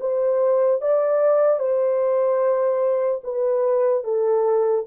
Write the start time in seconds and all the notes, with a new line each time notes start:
0.00 C5
0.81 D5
1.59 C5
3.24 B4
4.04 A4